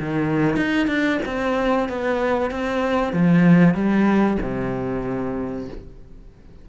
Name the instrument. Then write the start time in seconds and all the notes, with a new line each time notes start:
cello
0.00 D#3
0.57 D#4
0.88 D4
1.26 C4
1.89 B3
2.51 C4
3.13 F3
3.75 G3
4.42 C3